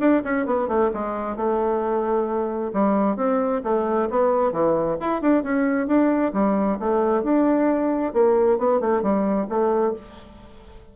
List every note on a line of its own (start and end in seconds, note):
0.00 0.23 D4
0.24 0.46 C#4
0.46 0.68 B3
0.68 0.91 A3
0.94 1.37 G#3
1.37 2.72 A3
2.73 3.17 G3
3.17 3.62 C4
3.64 4.09 A3
4.10 4.52 B3
4.52 4.97 E3
5.01 5.22 E4
5.22 5.43 D4
5.43 5.87 C#4
5.87 6.33 D4
6.33 6.78 G3
6.80 7.23 A3
7.23 8.13 D4
8.13 8.58 A#3
8.59 8.81 B3
8.81 9.02 A3
9.02 9.48 G3
9.49 9.94 A3